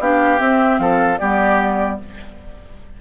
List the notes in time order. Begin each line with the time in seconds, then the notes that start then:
0.00 B3 D4 G4 F5
0.39 C4 E5
0.79 F3 A4 F5
1.18 G3 B3 G4 D5